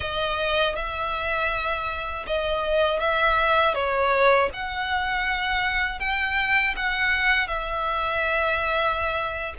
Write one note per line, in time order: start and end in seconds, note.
0.00 0.75 D#5
0.75 2.25 E5
2.27 2.99 D#5
2.99 3.74 E5
3.74 4.49 C#5
4.53 5.99 F#5
5.99 6.74 G5
6.76 7.47 F#5
7.47 9.54 E5